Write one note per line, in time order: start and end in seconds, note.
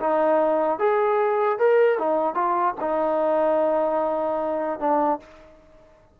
0.00 0.79 D#4
0.79 1.59 G#4
1.59 1.98 A#4
1.98 2.34 D#4
2.34 2.74 F4
2.80 4.79 D#4
4.79 5.19 D4